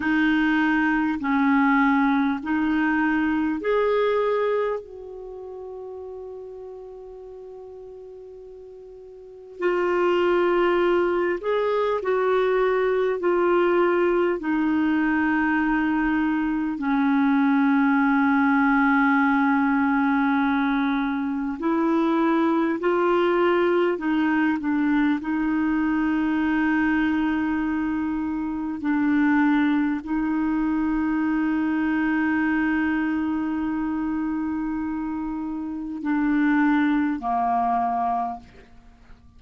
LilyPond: \new Staff \with { instrumentName = "clarinet" } { \time 4/4 \tempo 4 = 50 dis'4 cis'4 dis'4 gis'4 | fis'1 | f'4. gis'8 fis'4 f'4 | dis'2 cis'2~ |
cis'2 e'4 f'4 | dis'8 d'8 dis'2. | d'4 dis'2.~ | dis'2 d'4 ais4 | }